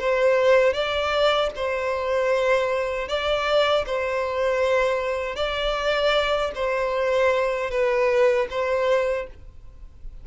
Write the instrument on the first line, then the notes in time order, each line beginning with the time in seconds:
violin
0.00 C5
0.73 D5
1.56 C5
3.08 D5
3.86 C5
5.36 D5
6.55 C5
7.71 B4
8.50 C5